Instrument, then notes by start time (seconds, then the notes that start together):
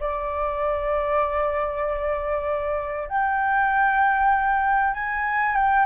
flute
0.00 D5
3.08 G5
4.94 G#5
5.56 G5